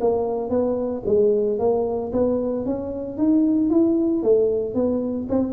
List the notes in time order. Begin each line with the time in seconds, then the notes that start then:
0.00 A#3
0.49 B3
1.05 G#3
1.59 A#3
2.12 B3
2.65 C#4
3.17 D#4
3.70 E4
4.22 A3
4.74 B3
5.29 C4